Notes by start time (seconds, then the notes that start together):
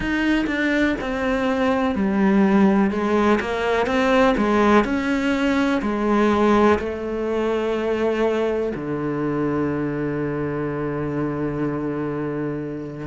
0.00 D#4
0.47 D4
1.00 C4
1.95 G3
2.90 G#3
3.40 A#3
3.86 C4
4.37 G#3
4.84 C#4
5.82 G#3
6.79 A3
8.75 D3